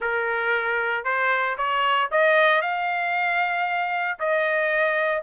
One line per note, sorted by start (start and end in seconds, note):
0.00 1.04 A#4
1.04 1.56 C5
1.57 2.09 C#5
2.11 2.61 D#5
2.61 4.18 F5
4.19 5.22 D#5